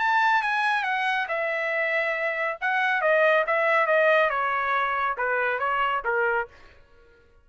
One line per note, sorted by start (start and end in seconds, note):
0.00 0.43 A5
0.43 0.84 G#5
0.84 1.27 F#5
1.29 2.58 E5
2.61 3.02 F#5
3.02 3.45 D#5
3.47 3.87 E5
3.87 4.30 D#5
4.30 5.16 C#5
5.18 5.60 B4
5.60 6.03 C#5
6.05 6.48 A#4